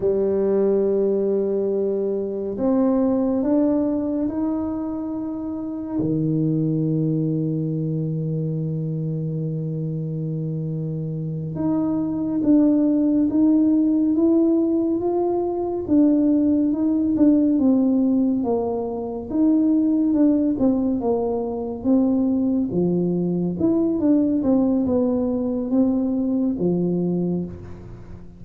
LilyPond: \new Staff \with { instrumentName = "tuba" } { \time 4/4 \tempo 4 = 70 g2. c'4 | d'4 dis'2 dis4~ | dis1~ | dis4. dis'4 d'4 dis'8~ |
dis'8 e'4 f'4 d'4 dis'8 | d'8 c'4 ais4 dis'4 d'8 | c'8 ais4 c'4 f4 e'8 | d'8 c'8 b4 c'4 f4 | }